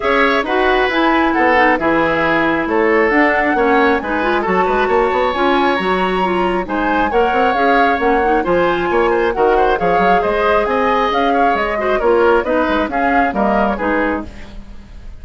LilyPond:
<<
  \new Staff \with { instrumentName = "flute" } { \time 4/4 \tempo 4 = 135 e''4 fis''4 gis''4 fis''4 | e''2 cis''4 fis''4~ | fis''4 gis''4 a''2 | gis''4 ais''2 gis''4 |
fis''4 f''4 fis''4 gis''4~ | gis''4 fis''4 f''4 dis''4 | gis''4 f''4 dis''4 cis''4 | dis''4 f''4 dis''8. cis''16 b'4 | }
  \new Staff \with { instrumentName = "oboe" } { \time 4/4 cis''4 b'2 a'4 | gis'2 a'2 | cis''4 b'4 a'8 b'8 cis''4~ | cis''2. c''4 |
cis''2. c''4 | cis''8 c''8 ais'8 c''8 cis''4 c''4 | dis''4. cis''4 c''8 ais'4 | b'4 gis'4 ais'4 gis'4 | }
  \new Staff \with { instrumentName = "clarinet" } { \time 4/4 gis'4 fis'4 e'4. dis'8 | e'2. d'4 | cis'4 dis'8 f'8 fis'2 | f'4 fis'4 f'4 dis'4 |
ais'4 gis'4 cis'8 dis'8 f'4~ | f'4 fis'4 gis'2~ | gis'2~ gis'8 fis'8 f'4 | dis'4 cis'4 ais4 dis'4 | }
  \new Staff \with { instrumentName = "bassoon" } { \time 4/4 cis'4 dis'4 e'4 b4 | e2 a4 d'4 | ais4 gis4 fis8 gis8 ais8 b8 | cis'4 fis2 gis4 |
ais8 c'8 cis'4 ais4 f4 | ais4 dis4 f8 fis8 gis4 | c'4 cis'4 gis4 ais4 | b8 gis8 cis'4 g4 gis4 | }
>>